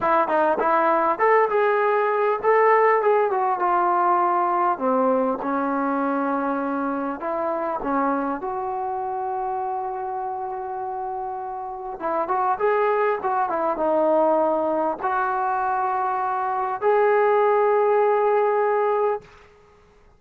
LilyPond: \new Staff \with { instrumentName = "trombone" } { \time 4/4 \tempo 4 = 100 e'8 dis'8 e'4 a'8 gis'4. | a'4 gis'8 fis'8 f'2 | c'4 cis'2. | e'4 cis'4 fis'2~ |
fis'1 | e'8 fis'8 gis'4 fis'8 e'8 dis'4~ | dis'4 fis'2. | gis'1 | }